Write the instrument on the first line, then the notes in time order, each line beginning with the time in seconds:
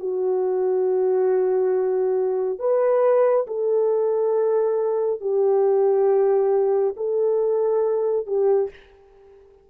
horn
0.00 F#4
2.60 B4
3.47 A4
5.21 G4
6.97 A4
8.27 G4